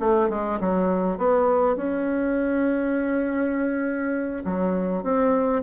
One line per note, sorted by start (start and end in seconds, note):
0.00 0.30 A3
0.30 0.60 G#3
0.60 1.18 F#3
1.18 1.77 B3
1.77 4.44 C#4
4.45 5.04 F#3
5.04 5.63 C4